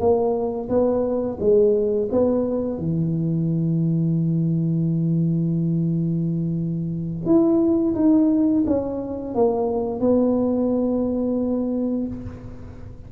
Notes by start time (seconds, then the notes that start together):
0.00 A#3
0.69 B3
1.40 G#3
2.12 B3
2.78 E3
7.26 E4
7.95 D#4
8.67 C#4
9.35 A#3
10.00 B3